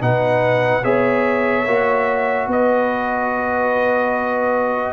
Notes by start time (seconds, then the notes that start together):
0.00 B2 D#4 B4 F#5
0.82 B3 G#4 C#5 E5
1.66 A#3 F#4
2.47 B3 B4 D#5